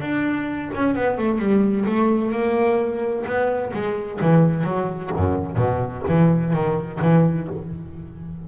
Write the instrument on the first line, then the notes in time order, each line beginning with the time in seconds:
double bass
0.00 D4
0.74 C#4
0.95 B3
1.18 A3
1.38 G3
1.85 A3
2.32 A#3
3.25 B3
3.73 G#3
4.21 E3
4.64 F#3
5.16 F#2
5.56 B2
6.08 E3
6.53 D#3
7.01 E3